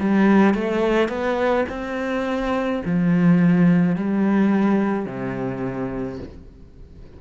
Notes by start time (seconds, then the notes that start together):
0.00 G3
0.54 A3
1.09 B3
1.69 C4
2.85 F3
3.96 G3
5.06 C3